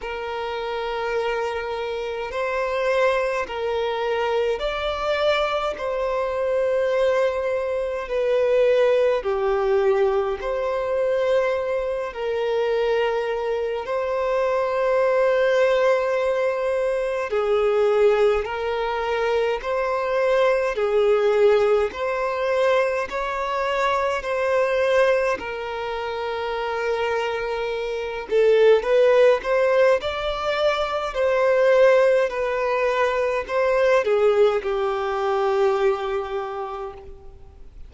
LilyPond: \new Staff \with { instrumentName = "violin" } { \time 4/4 \tempo 4 = 52 ais'2 c''4 ais'4 | d''4 c''2 b'4 | g'4 c''4. ais'4. | c''2. gis'4 |
ais'4 c''4 gis'4 c''4 | cis''4 c''4 ais'2~ | ais'8 a'8 b'8 c''8 d''4 c''4 | b'4 c''8 gis'8 g'2 | }